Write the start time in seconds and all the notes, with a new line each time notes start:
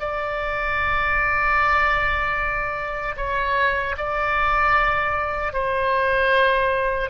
0.00 D5
3.17 C#5
3.98 D5
5.53 C5